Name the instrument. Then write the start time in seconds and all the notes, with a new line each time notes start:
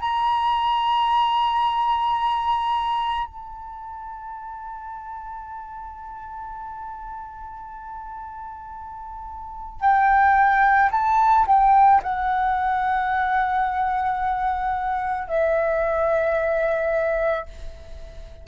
flute
0.00 A#5
3.27 A5
9.80 G5
10.91 A5
11.46 G5
12.03 F#5
15.27 E5